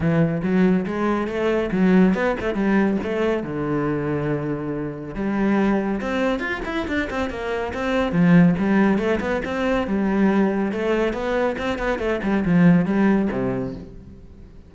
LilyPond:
\new Staff \with { instrumentName = "cello" } { \time 4/4 \tempo 4 = 140 e4 fis4 gis4 a4 | fis4 b8 a8 g4 a4 | d1 | g2 c'4 f'8 e'8 |
d'8 c'8 ais4 c'4 f4 | g4 a8 b8 c'4 g4~ | g4 a4 b4 c'8 b8 | a8 g8 f4 g4 c4 | }